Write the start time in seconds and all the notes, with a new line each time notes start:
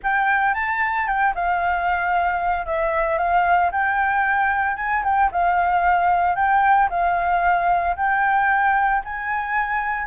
0.03 G5
0.54 A5
1.07 G5
1.34 F5
2.66 E5
3.17 F5
3.71 G5
4.76 G#5
5.04 G5
5.31 F5
6.35 G5
6.89 F5
7.96 G5
9.04 G#5